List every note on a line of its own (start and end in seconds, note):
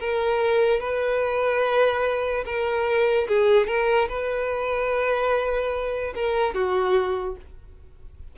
0.00 0.81 A#4
0.81 2.45 B4
2.45 3.28 A#4
3.28 3.67 G#4
3.67 4.08 A#4
4.09 6.14 B4
6.15 6.55 A#4
6.55 7.37 F#4